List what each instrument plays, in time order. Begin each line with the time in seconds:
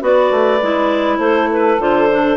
0.00 bassoon B3, clarinet F#4 D5, saxophone B4
0.31 bassoon A3
0.62 bassoon G#3, clarinet E4
1.18 bassoon A3, saxophone A4, clarinet C5
1.52 clarinet B4
1.80 bassoon D3, clarinet F4 C5
2.11 clarinet D4